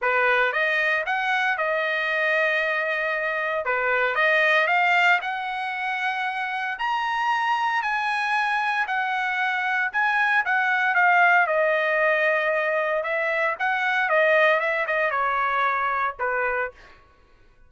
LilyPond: \new Staff \with { instrumentName = "trumpet" } { \time 4/4 \tempo 4 = 115 b'4 dis''4 fis''4 dis''4~ | dis''2. b'4 | dis''4 f''4 fis''2~ | fis''4 ais''2 gis''4~ |
gis''4 fis''2 gis''4 | fis''4 f''4 dis''2~ | dis''4 e''4 fis''4 dis''4 | e''8 dis''8 cis''2 b'4 | }